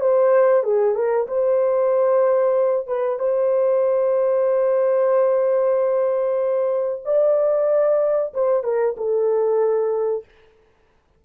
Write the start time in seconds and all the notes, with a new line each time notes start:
0.00 C5
0.64 G#4
0.95 A#4
1.27 C5
2.87 B4
3.19 C5
7.05 D5
8.34 C5
8.63 A#4
8.97 A4